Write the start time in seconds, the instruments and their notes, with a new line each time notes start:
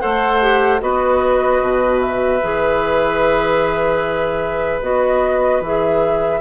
0.00 bassoon A3, clarinet A4, oboe C5, flute F#5
0.41 clarinet G4
0.80 bassoon B3, clarinet F#4, oboe B4, flute D#5
1.61 bassoon B2
2.01 flute E5
2.43 bassoon E3, clarinet G#4
4.81 bassoon B3, clarinet F#4, flute D#5
5.61 bassoon E3, clarinet G#4, flute E5